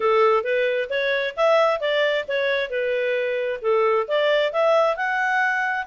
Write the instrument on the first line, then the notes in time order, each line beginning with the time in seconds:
clarinet
0.00 A4
0.43 B4
0.89 C#5
1.36 E5
1.80 D5
2.28 C#5
2.69 B4
3.61 A4
4.07 D5
4.52 E5
4.96 F#5